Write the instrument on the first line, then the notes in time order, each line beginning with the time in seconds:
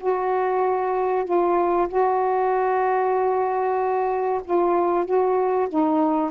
saxophone
0.00 F#4
1.25 F4
1.88 F#4
4.44 F4
5.05 F#4
5.69 D#4